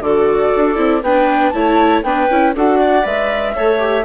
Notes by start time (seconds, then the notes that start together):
0.00 D3 F#4 A4 D5
0.56 D4
0.76 C4 E4
1.02 B3 D4 B4 G5
1.49 A3 E4 C#5 A5
2.03 B3 D4 B4 G5
2.30 C#4 E4
2.55 D4 F#4 A4 F#5
2.77 D5
3.03 G#3 B4 E5
3.55 A3 A4 C#5
3.78 G4